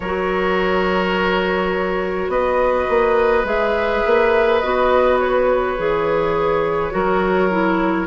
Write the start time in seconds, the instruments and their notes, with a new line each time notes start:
0.00 bassoon F#3, clarinet F#4, oboe A#4, flute C#5
2.28 bassoon B3, oboe B4, flute D#5
2.88 bassoon A#3
3.44 bassoon G#3, clarinet G#4, flute E5
4.06 bassoon A#3
4.59 bassoon B3, clarinet F#4, flute D#5
5.19 flute C#5
5.77 bassoon E3, clarinet G#4
6.91 bassoon F#3, clarinet F#4, oboe A#4
7.50 clarinet E4